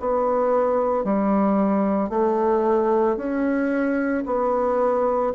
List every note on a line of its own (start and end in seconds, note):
0.00 1.04 B3
1.04 2.09 G3
2.09 3.17 A3
3.17 4.24 C#4
4.26 5.33 B3